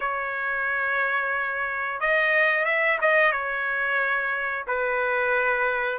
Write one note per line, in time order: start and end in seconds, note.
0.00 2.00 C#5
2.00 2.65 D#5
2.65 2.98 E5
3.01 3.32 D#5
3.32 4.65 C#5
4.67 5.98 B4